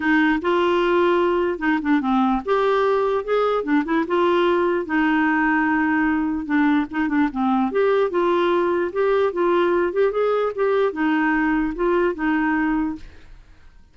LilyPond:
\new Staff \with { instrumentName = "clarinet" } { \time 4/4 \tempo 4 = 148 dis'4 f'2. | dis'8 d'8 c'4 g'2 | gis'4 d'8 e'8 f'2 | dis'1 |
d'4 dis'8 d'8 c'4 g'4 | f'2 g'4 f'4~ | f'8 g'8 gis'4 g'4 dis'4~ | dis'4 f'4 dis'2 | }